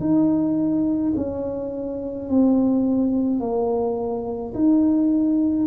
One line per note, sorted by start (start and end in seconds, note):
0.00 1.13 D#4
1.16 2.29 C#4
2.29 3.40 C4
3.40 4.53 A#3
4.54 5.67 D#4